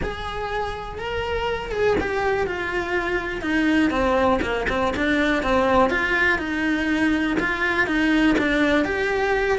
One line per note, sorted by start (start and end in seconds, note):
0.02 0.98 G#4
0.98 1.71 A#4
1.71 1.96 G#4
2.00 2.46 G4
2.46 3.41 F4
3.41 3.90 D#4
3.90 4.39 C4
4.41 4.66 A#3
4.69 4.93 C4
4.96 5.42 D4
5.42 5.89 C4
5.89 6.38 F4
6.38 7.36 D#4
7.39 7.86 F4
7.86 8.36 D#4
8.38 8.85 D4
8.85 9.58 G4